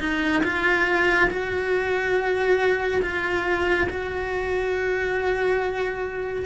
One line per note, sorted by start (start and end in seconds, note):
0.00 0.43 D#4
0.44 1.30 F4
1.31 3.02 F#4
3.03 3.88 F4
3.90 6.46 F#4